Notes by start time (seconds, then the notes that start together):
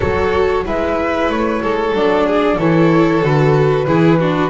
0.00 F#3 F#4 A4 C#5
0.64 G#3 E4 B4 E5
1.29 A3 C#5
1.62 G#3 A4
1.92 F#3 D4 D5
2.26 G#4
2.56 E3 E4 A4 C#5
3.22 D3 F#4 B4
3.86 E3 E4 G#4
4.19 D4 F#4